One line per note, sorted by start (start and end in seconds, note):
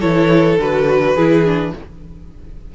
0.00 0.58 E3
0.00 0.58 E4
0.00 1.14 A4
0.00 0.57 C#5
0.58 1.15 D3
0.58 1.17 F#4
0.58 1.75 B4
1.14 1.72 E3
1.14 1.45 E4
1.14 1.71 G#4
1.45 1.73 D4